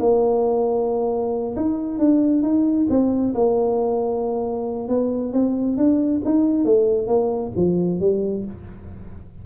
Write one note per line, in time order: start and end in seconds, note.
0.00 1.56 A#3
1.57 1.99 D#4
1.99 2.43 D4
2.43 2.87 D#4
2.90 3.34 C4
3.35 4.89 A#3
4.89 5.33 B3
5.33 5.78 C4
5.78 6.22 D4
6.25 6.65 D#4
6.65 7.08 A3
7.08 7.52 A#3
7.57 8.01 F3
8.01 8.45 G3